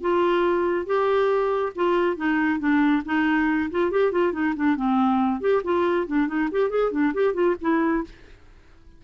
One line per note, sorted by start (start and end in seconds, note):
0.00 0.86 F4
0.86 1.72 G4
1.75 2.16 F4
2.16 2.59 D#4
2.59 3.02 D4
3.05 3.70 D#4
3.71 3.91 F4
3.91 4.12 G4
4.12 4.32 F4
4.32 4.54 D#4
4.55 4.76 D4
4.76 5.40 C4
5.40 5.62 G4
5.64 6.06 F4
6.06 6.27 D4
6.27 6.49 D#4
6.51 6.70 G4
6.70 6.91 G#4
6.91 7.13 D4
7.14 7.33 G4
7.33 7.55 F4
7.61 8.04 E4